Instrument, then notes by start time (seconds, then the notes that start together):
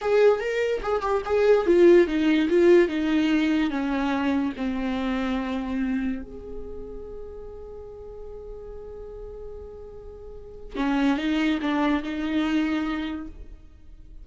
viola
0.01 G#4
0.39 A#4
0.82 G#4
1.01 G4
1.25 G#4
1.66 F4
2.07 D#4
2.49 F4
2.88 D#4
3.70 C#4
4.56 C4
6.22 G#4
10.76 C#4
11.17 D#4
11.61 D4
12.03 D#4